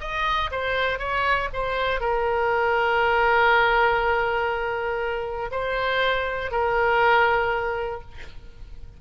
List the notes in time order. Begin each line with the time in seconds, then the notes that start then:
0.00 D#5
0.51 C5
0.99 C#5
1.53 C5
2.00 A#4
5.51 C5
6.51 A#4